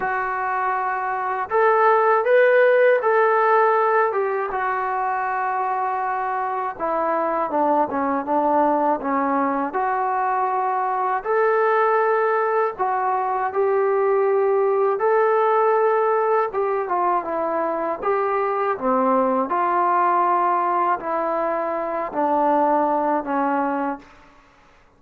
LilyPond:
\new Staff \with { instrumentName = "trombone" } { \time 4/4 \tempo 4 = 80 fis'2 a'4 b'4 | a'4. g'8 fis'2~ | fis'4 e'4 d'8 cis'8 d'4 | cis'4 fis'2 a'4~ |
a'4 fis'4 g'2 | a'2 g'8 f'8 e'4 | g'4 c'4 f'2 | e'4. d'4. cis'4 | }